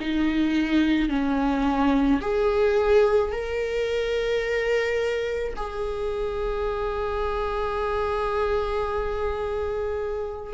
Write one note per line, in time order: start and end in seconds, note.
0.00 1.09 D#4
1.09 2.20 C#4
2.21 3.32 G#4
3.32 5.54 A#4
5.56 10.54 G#4